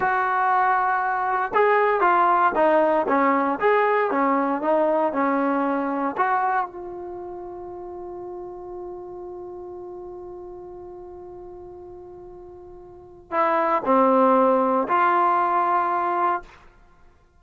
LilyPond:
\new Staff \with { instrumentName = "trombone" } { \time 4/4 \tempo 4 = 117 fis'2. gis'4 | f'4 dis'4 cis'4 gis'4 | cis'4 dis'4 cis'2 | fis'4 f'2.~ |
f'1~ | f'1~ | f'2 e'4 c'4~ | c'4 f'2. | }